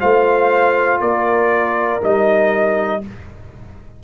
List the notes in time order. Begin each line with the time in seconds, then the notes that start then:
0.00 A3 F4 C5 F5
1.01 A#3 A#4 D5
2.01 G3 D#4 D#5